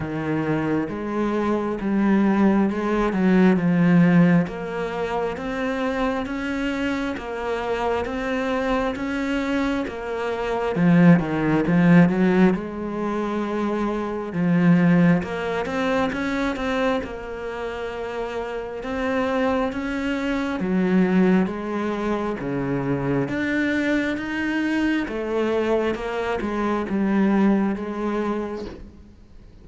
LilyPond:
\new Staff \with { instrumentName = "cello" } { \time 4/4 \tempo 4 = 67 dis4 gis4 g4 gis8 fis8 | f4 ais4 c'4 cis'4 | ais4 c'4 cis'4 ais4 | f8 dis8 f8 fis8 gis2 |
f4 ais8 c'8 cis'8 c'8 ais4~ | ais4 c'4 cis'4 fis4 | gis4 cis4 d'4 dis'4 | a4 ais8 gis8 g4 gis4 | }